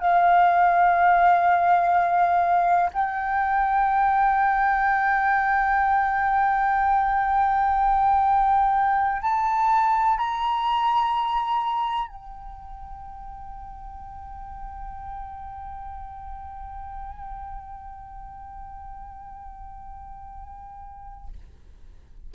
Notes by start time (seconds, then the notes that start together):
0.00 F5
2.93 G5
9.22 A5
10.17 A#5
12.07 G5